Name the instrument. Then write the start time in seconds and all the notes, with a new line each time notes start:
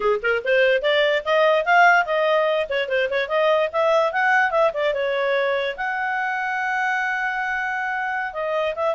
clarinet
0.00 G#4
0.22 A#4
0.44 C5
0.82 D5
1.25 D#5
1.65 F5
2.05 D#5
2.69 C#5
2.88 C5
3.10 C#5
3.28 D#5
3.72 E5
4.12 F#5
4.50 E5
4.73 D5
4.93 C#5
5.76 F#5
8.33 D#5
8.75 E5